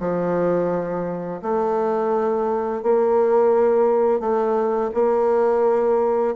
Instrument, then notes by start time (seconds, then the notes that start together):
bassoon
0.00 F3
1.42 A3
2.83 A#3
4.20 A3
4.94 A#3